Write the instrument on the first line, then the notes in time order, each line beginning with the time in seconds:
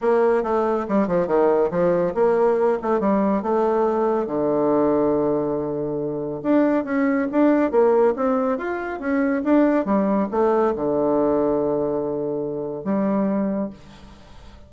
bassoon
0.01 A#3
0.43 A3
0.88 G3
1.07 F3
1.27 D#3
1.70 F3
2.14 A#3
2.81 A3
2.99 G3
3.42 A3
4.26 D3
6.43 D4
6.84 C#4
7.31 D4
7.71 A#3
8.16 C4
8.57 F4
8.99 C#4
9.44 D4
9.85 G3
10.31 A3
10.75 D3
12.84 G3